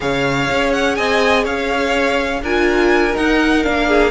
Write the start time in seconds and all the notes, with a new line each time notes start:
0.00 C#3 G#4 C#5 F5
0.50 C#4
0.72 F#5
0.95 C4 D#5 G#5
1.44 C#4 C#5 F5
2.41 D4 F4 A#4 G#5
3.12 D#4 F#5
3.63 A#3 D4 F5
3.87 G#4